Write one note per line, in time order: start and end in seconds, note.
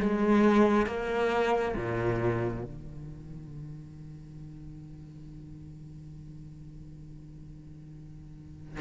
0.00 0.87 G#3
0.87 1.75 A#3
1.76 2.64 A#2
2.64 8.81 D#3